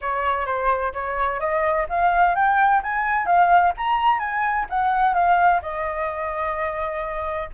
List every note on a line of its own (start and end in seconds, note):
0.01 0.45 C#5
0.45 0.92 C5
0.93 1.40 C#5
1.40 1.86 D#5
1.89 2.35 F5
2.35 2.82 G5
2.82 3.26 G#5
3.26 3.73 F5
3.77 4.19 A#5
4.19 4.66 G#5
4.69 5.13 F#5
5.13 5.60 F5
5.61 7.49 D#5